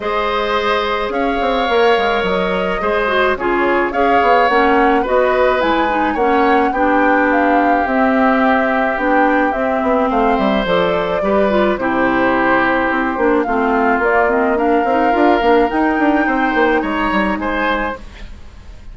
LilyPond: <<
  \new Staff \with { instrumentName = "flute" } { \time 4/4 \tempo 4 = 107 dis''2 f''2 | dis''2 cis''4 f''4 | fis''4 dis''4 gis''4 fis''4 | g''4 f''4 e''2 |
g''4 e''4 f''8 e''8 d''4~ | d''4 c''2. | f''4 d''8 dis''8 f''2 | g''2 ais''4 gis''4 | }
  \new Staff \with { instrumentName = "oboe" } { \time 4/4 c''2 cis''2~ | cis''4 c''4 gis'4 cis''4~ | cis''4 b'2 cis''4 | g'1~ |
g'2 c''2 | b'4 g'2. | f'2 ais'2~ | ais'4 c''4 cis''4 c''4 | }
  \new Staff \with { instrumentName = "clarinet" } { \time 4/4 gis'2. ais'4~ | ais'4 gis'8 fis'8 f'4 gis'4 | cis'4 fis'4 e'8 dis'8 cis'4 | d'2 c'2 |
d'4 c'2 a'4 | g'8 f'8 e'2~ e'8 d'8 | c'4 ais8 c'8 d'8 dis'8 f'8 d'8 | dis'1 | }
  \new Staff \with { instrumentName = "bassoon" } { \time 4/4 gis2 cis'8 c'8 ais8 gis8 | fis4 gis4 cis4 cis'8 b8 | ais4 b4 gis4 ais4 | b2 c'2 |
b4 c'8 b8 a8 g8 f4 | g4 c2 c'8 ais8 | a4 ais4. c'8 d'8 ais8 | dis'8 d'8 c'8 ais8 gis8 g8 gis4 | }
>>